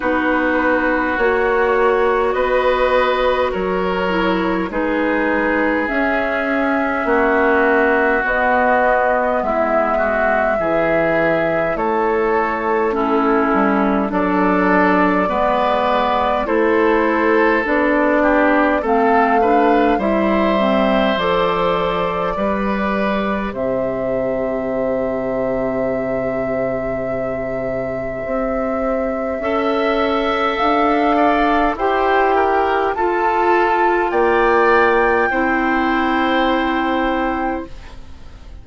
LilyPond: <<
  \new Staff \with { instrumentName = "flute" } { \time 4/4 \tempo 4 = 51 b'4 cis''4 dis''4 cis''4 | b'4 e''2 dis''4 | e''2 cis''4 a'4 | d''2 c''4 d''4 |
f''4 e''4 d''2 | e''1~ | e''2 f''4 g''4 | a''4 g''2. | }
  \new Staff \with { instrumentName = "oboe" } { \time 4/4 fis'2 b'4 ais'4 | gis'2 fis'2 | e'8 fis'8 gis'4 a'4 e'4 | a'4 b'4 a'4. g'8 |
a'8 b'8 c''2 b'4 | c''1~ | c''4 e''4. d''8 c''8 ais'8 | a'4 d''4 c''2 | }
  \new Staff \with { instrumentName = "clarinet" } { \time 4/4 dis'4 fis'2~ fis'8 e'8 | dis'4 cis'2 b4~ | b4 e'2 cis'4 | d'4 b4 e'4 d'4 |
c'8 d'8 e'8 c'8 a'4 g'4~ | g'1~ | g'4 a'2 g'4 | f'2 e'2 | }
  \new Staff \with { instrumentName = "bassoon" } { \time 4/4 b4 ais4 b4 fis4 | gis4 cis'4 ais4 b4 | gis4 e4 a4. g8 | fis4 gis4 a4 b4 |
a4 g4 f4 g4 | c1 | c'4 cis'4 d'4 e'4 | f'4 ais4 c'2 | }
>>